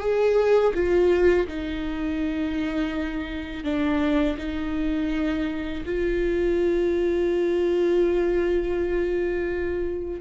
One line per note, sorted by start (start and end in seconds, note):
0.00 0.73 G#4
0.75 1.48 F4
1.48 3.64 D#4
3.64 4.37 D4
4.38 5.85 D#4
5.86 10.21 F4